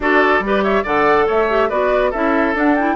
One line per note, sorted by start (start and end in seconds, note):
0.00 0.39 D4
0.00 0.43 F#4
0.00 0.44 A4
0.00 0.63 D5
0.39 0.82 G3
0.39 0.84 G4
0.46 0.63 B4
0.63 0.83 C#5
0.63 0.84 E5
0.83 1.28 D3
0.83 1.48 A4
0.83 1.25 D5
0.83 1.28 F#5
1.26 1.70 A3
1.26 1.69 C#5
1.26 1.69 E5
1.49 1.70 G4
1.69 2.13 B3
1.69 2.13 F#4
1.69 2.10 B4
1.69 2.12 D5
2.10 2.54 C#4
2.10 2.55 E4
2.10 2.95 A4
2.10 2.55 E5
2.54 2.95 D4
2.54 2.76 D4
2.54 2.76 F#5
2.76 2.95 E4
2.76 2.95 G5